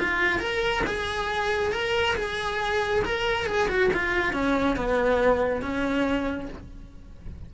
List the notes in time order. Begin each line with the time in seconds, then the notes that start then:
0.00 F4
0.40 A#4
0.87 G#4
1.72 A#4
2.16 G#4
3.05 A#4
3.47 G#4
3.69 F#4
3.93 F4
4.33 C#4
4.76 B3
5.62 C#4